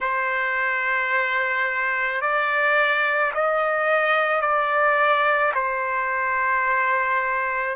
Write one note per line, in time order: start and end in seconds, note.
0.00 2.21 C5
2.21 3.32 D5
3.33 4.41 D#5
4.41 5.52 D5
5.54 7.75 C5